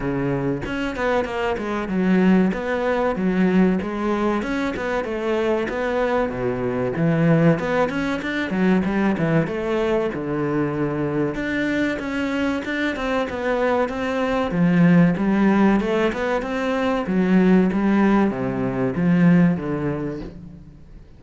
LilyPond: \new Staff \with { instrumentName = "cello" } { \time 4/4 \tempo 4 = 95 cis4 cis'8 b8 ais8 gis8 fis4 | b4 fis4 gis4 cis'8 b8 | a4 b4 b,4 e4 | b8 cis'8 d'8 fis8 g8 e8 a4 |
d2 d'4 cis'4 | d'8 c'8 b4 c'4 f4 | g4 a8 b8 c'4 fis4 | g4 c4 f4 d4 | }